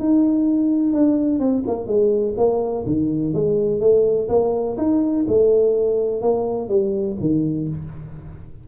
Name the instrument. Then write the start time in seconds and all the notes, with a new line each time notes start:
tuba
0.00 D#4
0.93 D4
1.40 C4
1.67 A#3
1.87 G#3
2.38 A#3
2.86 D#3
3.34 G#3
3.81 A3
4.29 A#3
4.78 D#4
5.28 A3
6.22 A#3
6.69 G3
7.20 D#3